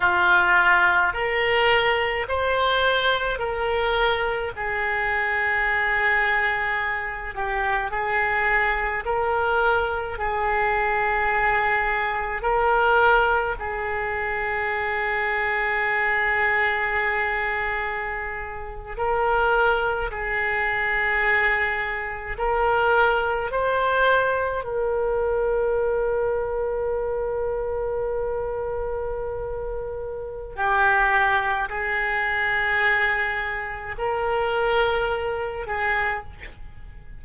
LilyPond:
\new Staff \with { instrumentName = "oboe" } { \time 4/4 \tempo 4 = 53 f'4 ais'4 c''4 ais'4 | gis'2~ gis'8 g'8 gis'4 | ais'4 gis'2 ais'4 | gis'1~ |
gis'8. ais'4 gis'2 ais'16~ | ais'8. c''4 ais'2~ ais'16~ | ais'2. g'4 | gis'2 ais'4. gis'8 | }